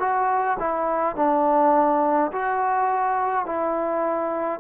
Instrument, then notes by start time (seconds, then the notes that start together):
trombone
0.00 F#4
0.59 E4
1.16 D4
2.32 F#4
3.46 E4